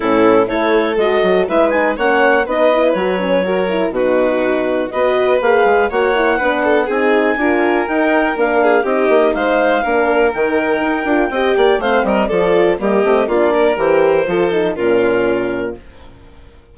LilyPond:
<<
  \new Staff \with { instrumentName = "clarinet" } { \time 4/4 \tempo 4 = 122 a'4 cis''4 dis''4 e''8 gis''8 | fis''4 dis''4 cis''2 | b'2 dis''4 f''4 | fis''2 gis''2 |
g''4 f''4 dis''4 f''4~ | f''4 g''2. | f''8 dis''8 d''4 dis''4 d''4 | c''2 ais'2 | }
  \new Staff \with { instrumentName = "violin" } { \time 4/4 e'4 a'2 b'4 | cis''4 b'2 ais'4 | fis'2 b'2 | cis''4 b'8 a'8 gis'4 ais'4~ |
ais'4. gis'8 g'4 c''4 | ais'2. dis''8 d''8 | c''8 ais'8 a'4 g'4 f'8 ais'8~ | ais'4 a'4 f'2 | }
  \new Staff \with { instrumentName = "horn" } { \time 4/4 cis'4 e'4 fis'4 e'8 dis'8 | cis'4 dis'8 e'8 fis'8 cis'8 fis'8 e'8 | dis'2 fis'4 gis'4 | fis'8 e'8 d'4 dis'4 f'4 |
dis'4 d'4 dis'2 | d'4 dis'4. f'8 g'4 | c'4 f'4 ais8 c'8 d'4 | g'4 f'8 dis'8 cis'2 | }
  \new Staff \with { instrumentName = "bassoon" } { \time 4/4 a,4 a4 gis8 fis8 gis4 | ais4 b4 fis2 | b,2 b4 ais8 gis8 | ais4 b4 c'4 d'4 |
dis'4 ais4 c'8 ais8 gis4 | ais4 dis4 dis'8 d'8 c'8 ais8 | a8 g8 f4 g8 a8 ais4 | e4 f4 ais,2 | }
>>